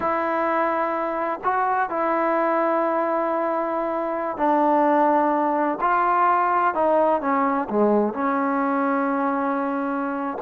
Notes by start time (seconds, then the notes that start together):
0.00 E4
1.44 F#4
1.89 E4
4.37 D4
5.80 F4
6.74 D#4
7.21 C#4
7.69 G#3
8.13 C#4